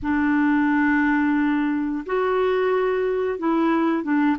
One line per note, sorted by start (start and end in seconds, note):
0.02 2.04 D4
2.06 3.38 F#4
3.38 4.03 E4
4.03 4.36 D4